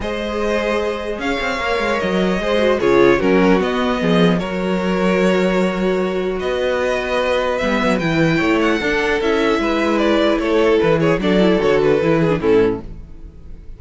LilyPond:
<<
  \new Staff \with { instrumentName = "violin" } { \time 4/4 \tempo 4 = 150 dis''2. f''4~ | f''4 dis''2 cis''4 | ais'4 dis''2 cis''4~ | cis''1 |
dis''2. e''4 | g''4. fis''4. e''4~ | e''4 d''4 cis''4 b'8 cis''8 | d''4 cis''8 b'4. a'4 | }
  \new Staff \with { instrumentName = "violin" } { \time 4/4 c''2. cis''4~ | cis''2 c''4 gis'4 | fis'2 gis'4 ais'4~ | ais'1 |
b'1~ | b'4 cis''4 a'2 | b'2 a'4. gis'8 | a'2~ a'8 gis'8 e'4 | }
  \new Staff \with { instrumentName = "viola" } { \time 4/4 gis'1 | ais'2 gis'8 fis'8 f'4 | cis'4 b2 fis'4~ | fis'1~ |
fis'2. b4 | e'2 d'4 e'4~ | e'1 | d'8 e'8 fis'4 e'8. d'16 cis'4 | }
  \new Staff \with { instrumentName = "cello" } { \time 4/4 gis2. cis'8 c'8 | ais8 gis8 fis4 gis4 cis4 | fis4 b4 f4 fis4~ | fis1 |
b2. g8 fis8 | e4 a4 d'4 cis'4 | gis2 a4 e4 | fis4 d4 e4 a,4 | }
>>